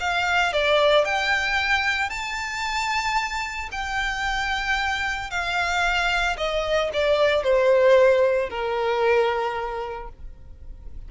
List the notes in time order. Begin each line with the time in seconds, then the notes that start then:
0.00 F5
0.53 D5
1.05 G5
2.09 A5
3.72 G5
5.30 F5
6.37 D#5
6.93 D5
7.43 C5
8.49 A#4